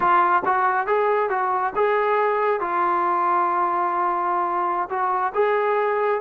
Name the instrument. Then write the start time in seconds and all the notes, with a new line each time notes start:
trombone
0.00 F4
0.45 F#4
0.86 G#4
1.29 F#4
1.75 G#4
2.60 F4
4.89 F#4
5.34 G#4